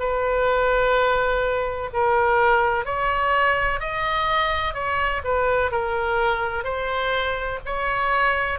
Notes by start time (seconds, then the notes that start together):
0.00 B4
1.93 A#4
2.85 C#5
3.80 D#5
4.74 C#5
5.24 B4
5.71 A#4
6.64 C5
7.66 C#5